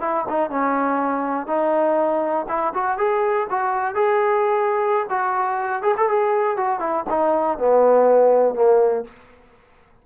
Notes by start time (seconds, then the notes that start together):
0.00 E4
0.28 D#4
0.50 C#4
1.47 D#4
2.48 E4
2.74 F#4
2.97 G#4
3.50 F#4
3.94 G#4
5.09 F#4
5.82 G#4
5.97 A4
6.08 G#4
6.56 F#4
6.79 E4
7.09 D#4
7.58 B3
8.54 A#3